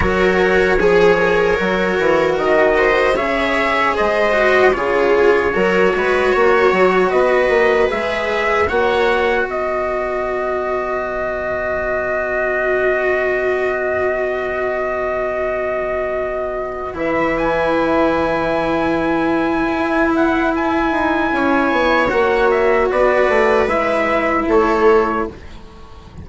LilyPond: <<
  \new Staff \with { instrumentName = "trumpet" } { \time 4/4 \tempo 4 = 76 cis''2. dis''4 | e''4 dis''4 cis''2~ | cis''4 dis''4 e''4 fis''4 | dis''1~ |
dis''1~ | dis''4. e''8 gis''2~ | gis''4. fis''8 gis''2 | fis''8 e''8 d''4 e''4 cis''4 | }
  \new Staff \with { instrumentName = "viola" } { \time 4/4 ais'4 gis'8 ais'2 c''8 | cis''4 c''4 gis'4 ais'8 b'8 | cis''4 b'2 cis''4 | b'1~ |
b'1~ | b'1~ | b'2. cis''4~ | cis''4 b'2 a'4 | }
  \new Staff \with { instrumentName = "cello" } { \time 4/4 fis'4 gis'4 fis'2 | gis'4. fis'8 f'4 fis'4~ | fis'2 gis'4 fis'4~ | fis'1~ |
fis'1~ | fis'4. e'2~ e'8~ | e'1 | fis'2 e'2 | }
  \new Staff \with { instrumentName = "bassoon" } { \time 4/4 fis4 f4 fis8 e8 dis4 | cis4 gis4 cis4 fis8 gis8 | ais8 fis8 b8 ais8 gis4 ais4 | b1~ |
b1~ | b4. e2~ e8~ | e4 e'4. dis'8 cis'8 b8 | ais4 b8 a8 gis4 a4 | }
>>